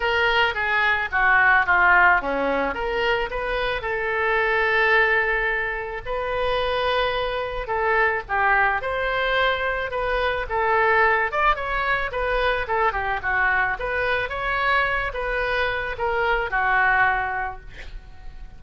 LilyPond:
\new Staff \with { instrumentName = "oboe" } { \time 4/4 \tempo 4 = 109 ais'4 gis'4 fis'4 f'4 | cis'4 ais'4 b'4 a'4~ | a'2. b'4~ | b'2 a'4 g'4 |
c''2 b'4 a'4~ | a'8 d''8 cis''4 b'4 a'8 g'8 | fis'4 b'4 cis''4. b'8~ | b'4 ais'4 fis'2 | }